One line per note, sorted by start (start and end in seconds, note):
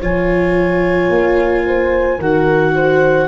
0.00 1.09 F3
0.00 2.19 F4
0.00 1.64 C#5
0.00 2.21 G#5
1.09 2.18 A#3
1.65 2.18 C5
2.18 3.27 D#3
2.18 3.27 F#4
2.18 2.72 A#4
2.18 3.27 F#5
2.74 3.27 C5